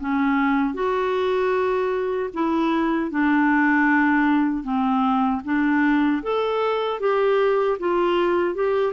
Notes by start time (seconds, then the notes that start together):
0.00 C#4
0.74 F#4
2.33 E4
3.11 D4
4.64 C4
5.44 D4
6.23 A4
7.00 G4
7.79 F4
8.55 G4